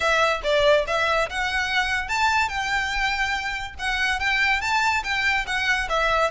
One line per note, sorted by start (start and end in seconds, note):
0.00 0.41 E5
0.43 0.85 D5
0.87 1.29 E5
1.29 2.08 F#5
2.08 2.48 A5
2.48 3.74 G5
3.79 4.19 F#5
4.19 4.61 G5
4.61 5.03 A5
5.03 5.45 G5
5.46 5.88 F#5
5.89 6.30 E5